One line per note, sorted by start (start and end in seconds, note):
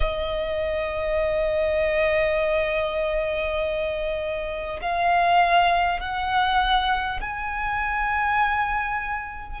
0.00 4.80 D#5
4.81 6.00 F5
6.00 7.20 F#5
7.20 9.60 G#5